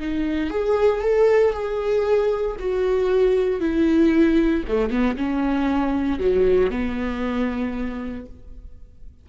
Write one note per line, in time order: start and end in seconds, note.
0.00 0.51 D#4
0.51 1.02 G#4
1.02 1.54 A4
1.54 2.57 G#4
2.60 3.61 F#4
3.61 4.64 E4
4.68 4.91 A3
4.91 5.17 B3
5.17 6.20 C#4
6.20 6.71 F#3
6.71 8.26 B3